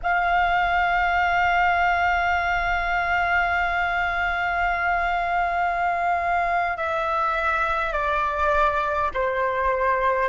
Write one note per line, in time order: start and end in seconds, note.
0.02 6.76 F5
6.76 7.93 E5
7.93 9.10 D5
9.13 10.29 C5